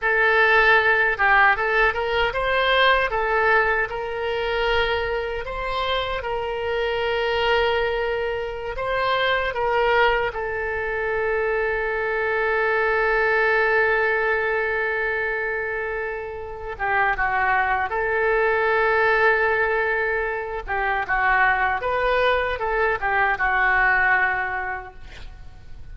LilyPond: \new Staff \with { instrumentName = "oboe" } { \time 4/4 \tempo 4 = 77 a'4. g'8 a'8 ais'8 c''4 | a'4 ais'2 c''4 | ais'2.~ ais'16 c''8.~ | c''16 ais'4 a'2~ a'8.~ |
a'1~ | a'4. g'8 fis'4 a'4~ | a'2~ a'8 g'8 fis'4 | b'4 a'8 g'8 fis'2 | }